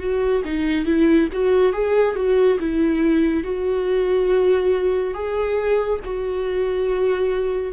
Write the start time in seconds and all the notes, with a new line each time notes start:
0.00 F#4
0.45 D#4
0.86 E4
1.33 F#4
1.73 G#4
2.16 F#4
2.60 E4
3.44 F#4
5.14 G#4
6.05 F#4